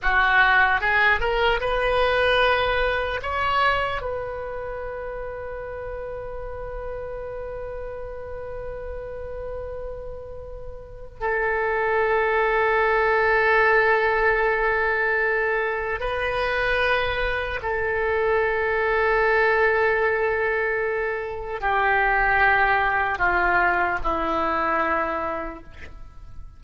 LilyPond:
\new Staff \with { instrumentName = "oboe" } { \time 4/4 \tempo 4 = 75 fis'4 gis'8 ais'8 b'2 | cis''4 b'2.~ | b'1~ | b'2 a'2~ |
a'1 | b'2 a'2~ | a'2. g'4~ | g'4 f'4 e'2 | }